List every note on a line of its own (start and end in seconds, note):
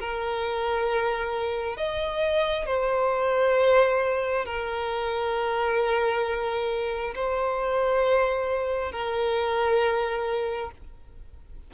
0.00 1.77 A#4
1.77 2.67 D#5
2.67 4.46 C5
4.46 7.14 A#4
7.15 8.92 C5
8.92 10.71 A#4